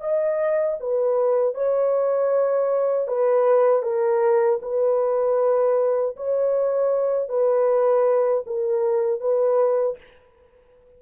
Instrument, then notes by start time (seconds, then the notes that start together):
horn
0.00 D#5
0.80 B4
1.54 C#5
3.07 B4
3.82 A#4
4.62 B4
6.16 C#5
7.28 B4
8.46 A#4
9.20 B4